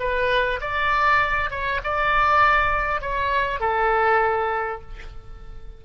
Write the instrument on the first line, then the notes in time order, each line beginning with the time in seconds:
oboe
0.00 B4
0.61 D5
1.51 C#5
1.84 D5
3.02 C#5
3.60 A4